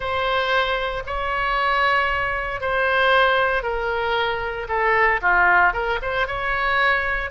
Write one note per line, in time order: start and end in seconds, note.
0.00 1.03 C5
1.06 2.60 C#5
2.60 3.62 C5
3.62 4.67 A#4
4.68 5.20 A4
5.21 5.73 F4
5.73 5.99 A#4
6.02 6.27 C5
6.27 7.30 C#5